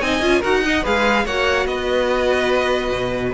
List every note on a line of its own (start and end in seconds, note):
0.00 0.21 C4
0.00 0.22 D#4
0.00 0.39 D#5
0.00 0.42 G#5
0.21 0.42 C#4
0.21 0.42 F4
0.39 0.85 D#4
0.39 0.63 F#4
0.39 0.60 A#4
0.39 0.85 F#5
0.63 0.83 D#4
0.63 0.83 D#5
0.83 1.25 G#3
0.83 1.25 G#4
0.83 1.24 B4
0.83 1.26 F5
1.25 1.65 A#3
1.25 3.33 F#4
1.25 1.67 C#5
1.25 1.66 F#5
1.65 2.90 B3
1.65 3.33 B4
1.65 3.33 D#5
2.91 3.33 B2